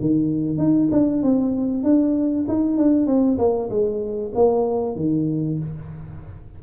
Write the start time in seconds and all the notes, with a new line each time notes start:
0.00 D#3
0.58 D#4
0.91 D4
1.22 C4
1.83 D4
2.48 D#4
2.78 D4
3.07 C4
3.38 A#3
3.70 G#3
4.35 A#3
4.96 D#3